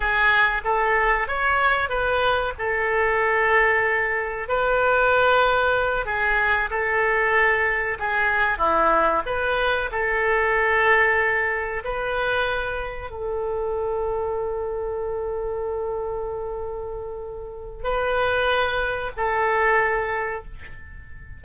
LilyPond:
\new Staff \with { instrumentName = "oboe" } { \time 4/4 \tempo 4 = 94 gis'4 a'4 cis''4 b'4 | a'2. b'4~ | b'4. gis'4 a'4.~ | a'8 gis'4 e'4 b'4 a'8~ |
a'2~ a'8 b'4.~ | b'8 a'2.~ a'8~ | a'1 | b'2 a'2 | }